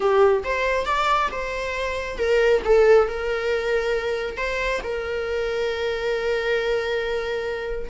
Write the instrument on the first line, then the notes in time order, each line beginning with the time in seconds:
viola
0.00 G4
0.44 C5
0.85 D5
1.31 C5
2.18 A#4
2.64 A4
3.08 A#4
4.37 C5
4.83 A#4